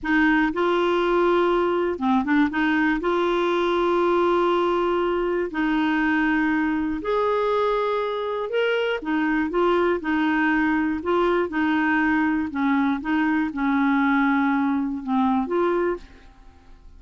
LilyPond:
\new Staff \with { instrumentName = "clarinet" } { \time 4/4 \tempo 4 = 120 dis'4 f'2. | c'8 d'8 dis'4 f'2~ | f'2. dis'4~ | dis'2 gis'2~ |
gis'4 ais'4 dis'4 f'4 | dis'2 f'4 dis'4~ | dis'4 cis'4 dis'4 cis'4~ | cis'2 c'4 f'4 | }